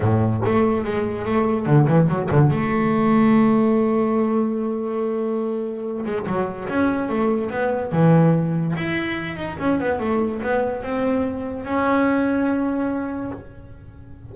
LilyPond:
\new Staff \with { instrumentName = "double bass" } { \time 4/4 \tempo 4 = 144 a,4 a4 gis4 a4 | d8 e8 fis8 d8 a2~ | a1~ | a2~ a8 gis8 fis4 |
cis'4 a4 b4 e4~ | e4 e'4. dis'8 cis'8 b8 | a4 b4 c'2 | cis'1 | }